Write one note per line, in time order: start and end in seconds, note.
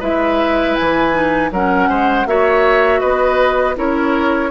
0.00 0.76 G#3
0.00 1.12 E4
0.00 1.50 B4
0.00 0.75 E5
0.75 1.51 E3
0.75 1.50 G#5
1.12 1.50 D#4
1.51 1.89 F#3
1.51 2.27 C#4
1.51 1.89 A#4
1.51 2.27 F#5
1.89 2.26 G#3
1.89 2.27 C5
2.26 3.01 A#3
2.26 3.75 F#4
2.26 3.00 C#5
2.26 3.00 E5
3.00 3.77 B3
3.00 3.75 B4
3.00 3.75 D#5
3.75 4.50 C#4
3.75 4.50 E4
3.75 4.50 A#4
3.75 4.50 C#5